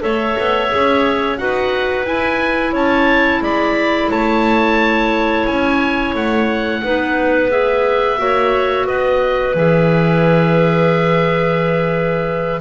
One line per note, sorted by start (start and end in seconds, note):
0.00 0.37 A3
0.00 0.68 A4
0.00 1.40 C#5
0.00 1.38 E5
0.39 0.73 B3
0.69 1.39 C#4
0.69 1.37 G#4
1.37 2.07 D#4
1.37 2.05 F#4
1.37 2.73 B4
1.37 2.06 F#5
2.06 6.83 E4
2.06 2.73 E4
2.06 2.75 G#5
2.73 3.42 C#4
2.73 3.41 C#5
2.73 3.44 A5
3.42 4.10 G#3
3.42 4.11 D5
3.42 4.12 B5
4.11 5.48 A3
4.11 6.83 C#5
4.11 5.47 A5
5.47 6.15 C#4
5.47 6.15 G#5
6.15 6.83 A3
6.15 7.52 F#5
6.83 8.19 B3
6.83 7.50 D#4
6.83 8.20 B4
7.50 8.18 G#4
7.50 8.87 E5
8.18 8.87 A#3
8.18 9.54 F#4
8.18 8.87 C#5
8.87 9.55 B3
8.87 12.61 B4
8.87 9.56 D#5
9.55 12.61 E3
9.55 12.61 G#4
9.55 12.61 E5